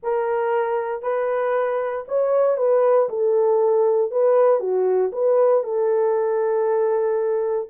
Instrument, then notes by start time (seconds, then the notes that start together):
horn
0.02 A#4
1.02 B4
2.08 C#5
2.57 B4
3.09 A4
4.11 B4
4.60 F#4
5.12 B4
5.63 A4